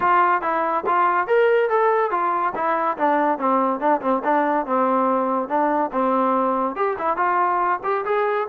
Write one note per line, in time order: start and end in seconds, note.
0.00 0.41 F4
0.41 0.84 E4
0.86 1.27 F4
1.27 1.69 A#4
1.69 2.10 A4
2.10 2.53 F4
2.55 2.97 E4
2.97 3.38 D4
3.38 3.79 C4
3.79 4.00 D4
4.01 4.22 C4
4.24 4.66 D4
4.66 5.48 C4
5.48 5.90 D4
5.92 6.75 C4
6.75 6.96 G4
6.98 7.16 E4
7.16 7.80 F4
7.83 8.05 G4
8.05 8.47 G#4